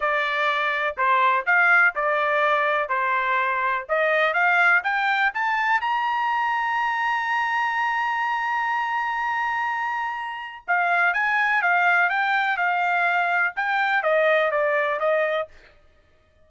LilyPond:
\new Staff \with { instrumentName = "trumpet" } { \time 4/4 \tempo 4 = 124 d''2 c''4 f''4 | d''2 c''2 | dis''4 f''4 g''4 a''4 | ais''1~ |
ais''1~ | ais''2 f''4 gis''4 | f''4 g''4 f''2 | g''4 dis''4 d''4 dis''4 | }